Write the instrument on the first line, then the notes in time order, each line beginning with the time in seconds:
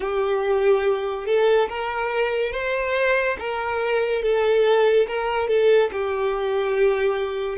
violin
0.00 G4
1.26 A4
1.68 A#4
2.52 C5
3.39 A#4
4.22 A4
5.07 A#4
5.48 A4
5.92 G4